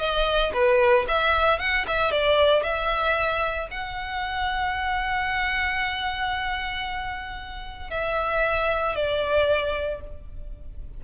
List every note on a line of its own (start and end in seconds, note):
0.00 0.53 D#5
0.54 1.06 B4
1.08 1.60 E5
1.60 1.86 F#5
1.88 2.12 E5
2.12 2.64 D5
2.64 3.69 E5
3.72 7.91 F#5
7.91 8.96 E5
8.96 10.01 D5